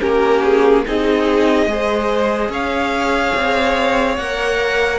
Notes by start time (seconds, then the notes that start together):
0.00 A#3 C#4 G4 A#4
0.44 G#4
0.85 C4 D#4 G#4 D#5
1.66 G#3 G#4 C5
2.49 C#4 C#5 F5
3.35 C4
4.17 A#3 A#4 F#5